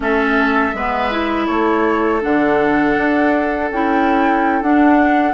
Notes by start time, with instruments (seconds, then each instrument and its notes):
0.00 bassoon A3, clarinet C#4, oboe A4, flute E5
0.73 bassoon G#3, clarinet B3, oboe B4
1.10 clarinet E4
1.46 bassoon A3, oboe A4, flute C#5
2.20 bassoon D3, clarinet D4, flute F#5
2.97 bassoon D4
3.70 bassoon C#4, clarinet E4, flute G5
4.61 bassoon D4, clarinet D4, flute F#5